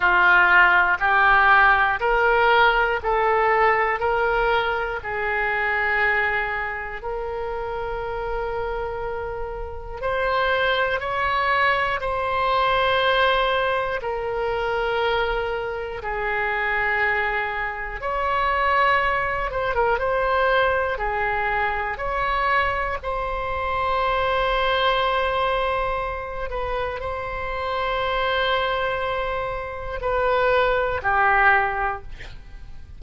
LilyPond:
\new Staff \with { instrumentName = "oboe" } { \time 4/4 \tempo 4 = 60 f'4 g'4 ais'4 a'4 | ais'4 gis'2 ais'4~ | ais'2 c''4 cis''4 | c''2 ais'2 |
gis'2 cis''4. c''16 ais'16 | c''4 gis'4 cis''4 c''4~ | c''2~ c''8 b'8 c''4~ | c''2 b'4 g'4 | }